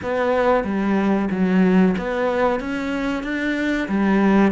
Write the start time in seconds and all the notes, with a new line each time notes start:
0.02 B3
0.64 G3
1.30 F#3
1.97 B3
2.60 C#4
3.23 D4
3.88 G3